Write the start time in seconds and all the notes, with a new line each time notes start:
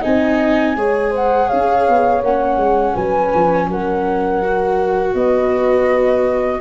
0.00 C4 D#4 D#5 G#5
0.75 G#3 G#4 C#5
1.10 C5 F#5
1.47 C#4 C#5 F5
1.88 B3
2.22 A#3 C#4 F#5
2.57 G#3
2.93 F#3 B4 G#5
3.34 F3
3.68 F#3 A#4 F#5
4.42 F#4
5.14 B3 B4 D#5